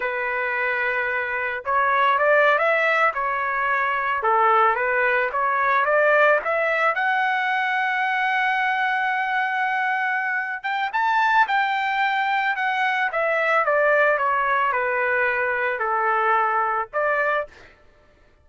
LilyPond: \new Staff \with { instrumentName = "trumpet" } { \time 4/4 \tempo 4 = 110 b'2. cis''4 | d''8. e''4 cis''2 a'16~ | a'8. b'4 cis''4 d''4 e''16~ | e''8. fis''2.~ fis''16~ |
fis''2.~ fis''8 g''8 | a''4 g''2 fis''4 | e''4 d''4 cis''4 b'4~ | b'4 a'2 d''4 | }